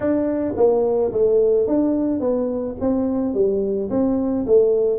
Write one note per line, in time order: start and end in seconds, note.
0.00 0.54 D4
0.56 1.12 A#3
1.12 1.67 A3
1.67 2.19 D4
2.19 2.75 B3
2.80 3.34 C4
3.34 3.89 G3
3.89 4.45 C4
4.46 4.98 A3